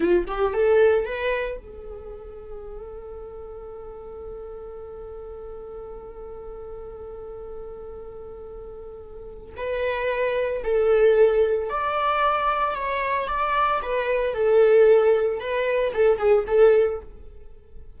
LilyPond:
\new Staff \with { instrumentName = "viola" } { \time 4/4 \tempo 4 = 113 f'8 g'8 a'4 b'4 a'4~ | a'1~ | a'1~ | a'1~ |
a'2 b'2 | a'2 d''2 | cis''4 d''4 b'4 a'4~ | a'4 b'4 a'8 gis'8 a'4 | }